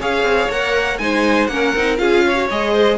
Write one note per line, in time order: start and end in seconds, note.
0.00 0.23 C#4
0.00 0.51 G#4
0.00 1.00 C#5
0.00 0.51 F5
0.23 0.48 C4
0.50 1.00 A#3
0.50 1.00 A#4
0.50 0.99 F#5
0.99 1.48 G#3
0.99 1.50 D#4
0.99 1.52 C5
0.99 1.48 G#5
1.48 1.73 A#3
1.48 1.76 C#4
1.48 2.01 A#4
1.48 1.97 F#5
1.76 1.99 C4
1.76 1.98 D#4
1.98 2.49 C#4
1.98 2.36 F4
1.98 2.26 G#4
1.98 2.48 F5
2.26 2.73 C#5
2.36 2.48 F#4
2.51 2.99 G#3
2.51 2.99 G#4
2.51 2.99 D#5
2.73 2.98 C5